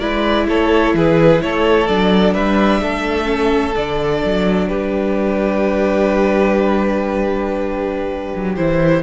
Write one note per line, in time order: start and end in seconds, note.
0.00 0.48 G#3
0.00 1.88 E4
0.00 0.47 B4
0.00 0.47 D5
0.48 0.94 A3
0.48 0.95 A4
0.48 0.96 C#5
0.94 1.41 E3
0.94 1.43 G#4
0.94 1.42 B4
1.42 1.89 A3
1.42 2.34 A4
1.42 1.87 C#5
1.87 2.35 F#3
1.87 3.25 D4
1.87 2.34 D5
2.34 2.82 G3
2.34 2.81 B4
2.34 3.75 E5
2.82 3.75 A3
2.82 4.67 A4
3.25 3.72 C#4
3.75 4.24 D3
3.75 8.56 D4
3.75 4.68 D5
4.25 4.71 F#3
4.67 8.34 G3
4.67 9.01 G4
4.67 8.55 B4
8.36 8.58 F#3
8.56 9.03 E3
8.56 9.03 E4
8.56 9.03 C5